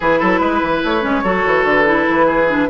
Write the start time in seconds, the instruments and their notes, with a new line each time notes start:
0.00 bassoon E3, clarinet E4, oboe G#4, flute B4
0.19 bassoon F#3, oboe A4
0.40 bassoon G#3, oboe B4
0.62 bassoon E3
0.83 bassoon A3, flute C#5
1.01 bassoon G#3, clarinet C#4
1.23 bassoon F#3, clarinet F#4, oboe A4
1.46 bassoon E3
1.64 bassoon D3, flute B4
1.85 clarinet E4
2.09 bassoon E3
2.26 oboe G#4
2.48 clarinet D4